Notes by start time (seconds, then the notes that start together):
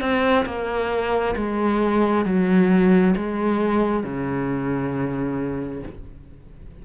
0.00 C4
0.45 A#3
1.36 G#3
2.25 F#3
3.16 G#3
4.03 C#3